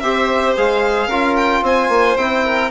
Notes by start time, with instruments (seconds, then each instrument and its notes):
0.00 bassoon C4, trombone G4, violin C5 E5
0.57 bassoon G#3, trombone G#4, violin F5
1.08 bassoon C#4, trombone F4, violin A#4
1.37 violin G5
1.63 bassoon C4, violin C5 G#5
1.89 bassoon A#3
2.17 bassoon C4, trombone E4, violin G5
2.45 violin A#4